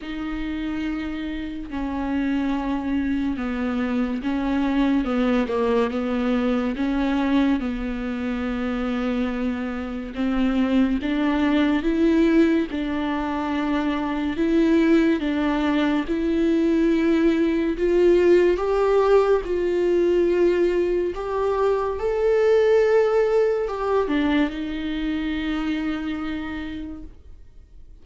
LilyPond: \new Staff \with { instrumentName = "viola" } { \time 4/4 \tempo 4 = 71 dis'2 cis'2 | b4 cis'4 b8 ais8 b4 | cis'4 b2. | c'4 d'4 e'4 d'4~ |
d'4 e'4 d'4 e'4~ | e'4 f'4 g'4 f'4~ | f'4 g'4 a'2 | g'8 d'8 dis'2. | }